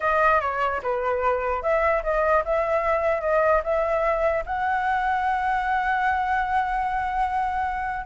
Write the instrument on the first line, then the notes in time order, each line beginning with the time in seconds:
flute
0.00 D#5
0.40 C#5
0.82 B4
1.62 E5
2.03 D#5
2.45 E5
3.21 D#5
3.63 E5
4.46 F#5